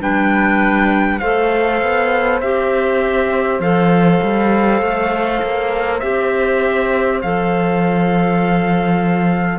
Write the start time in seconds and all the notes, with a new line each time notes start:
0.00 G3 D4 B4 G5
1.19 A3 A4 C5 F5
1.82 B3
2.41 C4 G4 E5
3.60 F3 A4 F5
4.23 G3
4.82 A3
5.42 A#3
6.00 C4 G4 E5
7.22 F3 A4 F5